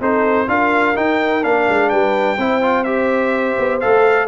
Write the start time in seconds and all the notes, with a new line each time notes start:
0.00 C4 D#4 A4 C5
0.47 D4 F4 A#4 F5
0.95 D#4 G5
1.42 A#3 D4 F5
1.69 G#3
1.89 G3 B4 G5
2.37 C4 E4 C5
2.61 F4
2.84 G4 E5
3.59 B3
3.80 A3 A4 F5